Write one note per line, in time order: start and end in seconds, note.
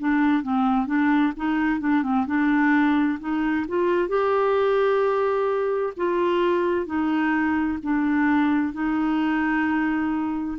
0.00 0.43 D4
0.43 0.87 C4
0.87 1.33 D4
1.37 1.80 D#4
1.80 2.03 D4
2.03 2.26 C4
2.27 3.19 D4
3.20 3.66 D#4
3.68 4.09 F4
4.09 5.93 G4
5.97 6.86 F4
6.86 7.79 D#4
7.83 8.74 D4
8.74 10.58 D#4